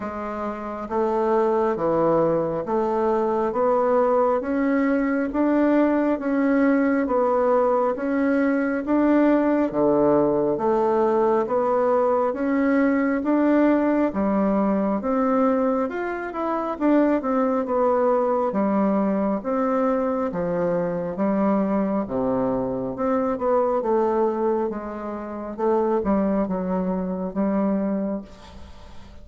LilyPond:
\new Staff \with { instrumentName = "bassoon" } { \time 4/4 \tempo 4 = 68 gis4 a4 e4 a4 | b4 cis'4 d'4 cis'4 | b4 cis'4 d'4 d4 | a4 b4 cis'4 d'4 |
g4 c'4 f'8 e'8 d'8 c'8 | b4 g4 c'4 f4 | g4 c4 c'8 b8 a4 | gis4 a8 g8 fis4 g4 | }